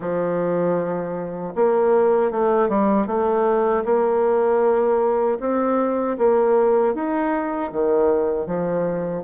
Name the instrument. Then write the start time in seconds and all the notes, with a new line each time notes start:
bassoon
0.00 F3
1.55 A#3
2.31 A3
2.68 G3
3.07 A3
3.84 A#3
5.40 C4
6.18 A#3
6.94 D#4
7.72 D#3
8.46 F3